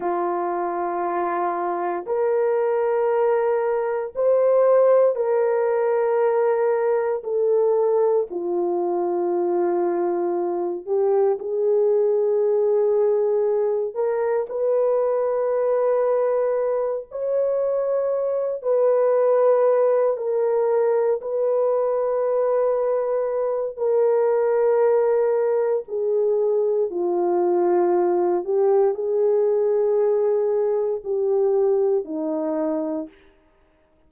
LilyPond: \new Staff \with { instrumentName = "horn" } { \time 4/4 \tempo 4 = 58 f'2 ais'2 | c''4 ais'2 a'4 | f'2~ f'8 g'8 gis'4~ | gis'4. ais'8 b'2~ |
b'8 cis''4. b'4. ais'8~ | ais'8 b'2~ b'8 ais'4~ | ais'4 gis'4 f'4. g'8 | gis'2 g'4 dis'4 | }